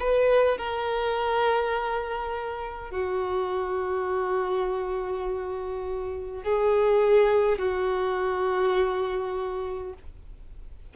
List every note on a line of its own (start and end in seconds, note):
0.00 0.58 B4
0.58 2.91 A#4
2.91 6.44 F#4
6.44 7.59 G#4
7.59 9.94 F#4